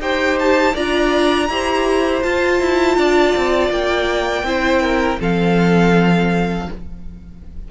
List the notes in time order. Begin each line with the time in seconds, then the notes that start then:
0.00 D#4 G4 C5 G5
0.39 A5
0.74 D4 F4 D5 A#5
1.48 E4 G4 C5
2.23 F4 A5
2.60 E4
2.97 D4 D5
3.36 C4
3.70 A#3 G5
4.43 C4 E4 C5
4.82 A#4
5.19 F3 C4 A4 F5